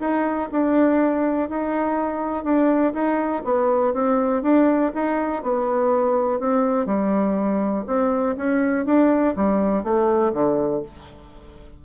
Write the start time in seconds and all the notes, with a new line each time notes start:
0.00 D#4
0.52 D4
1.49 D#4
2.44 D4
2.94 D#4
3.44 B3
3.94 C4
4.43 D4
4.94 D#4
5.43 B3
6.40 C4
6.86 G3
7.87 C4
8.37 C#4
8.85 D4
9.36 G3
9.84 A3
10.33 D3